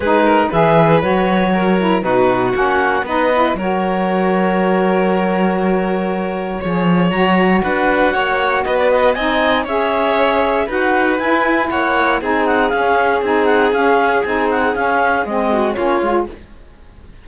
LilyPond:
<<
  \new Staff \with { instrumentName = "clarinet" } { \time 4/4 \tempo 4 = 118 b'4 e''4 cis''2 | b'4 fis''4 dis''4 cis''4~ | cis''1~ | cis''2 ais''4 fis''4~ |
fis''4 dis''16 d''16 dis''8 gis''4 e''4~ | e''4 fis''4 gis''4 fis''4 | gis''8 fis''8 f''4 gis''8 fis''8 f''4 | gis''8 fis''8 f''4 dis''4 cis''4 | }
  \new Staff \with { instrumentName = "violin" } { \time 4/4 gis'8 ais'8 b'2 ais'4 | fis'2 b'4 ais'4~ | ais'1~ | ais'4 cis''2 b'4 |
cis''4 b'4 dis''4 cis''4~ | cis''4 b'2 cis''4 | gis'1~ | gis'2~ gis'8 fis'8 f'4 | }
  \new Staff \with { instrumentName = "saxophone" } { \time 4/4 dis'4 gis'4 fis'4. e'8 | dis'4 cis'4 dis'8 e'8 fis'4~ | fis'1~ | fis'4 gis'4 fis'2~ |
fis'2 dis'4 gis'4~ | gis'4 fis'4 e'2 | dis'4 cis'4 dis'4 cis'4 | dis'4 cis'4 c'4 cis'8 f'8 | }
  \new Staff \with { instrumentName = "cello" } { \time 4/4 gis4 e4 fis2 | b,4 ais4 b4 fis4~ | fis1~ | fis4 f4 fis4 d'4 |
ais4 b4 c'4 cis'4~ | cis'4 dis'4 e'4 ais4 | c'4 cis'4 c'4 cis'4 | c'4 cis'4 gis4 ais8 gis8 | }
>>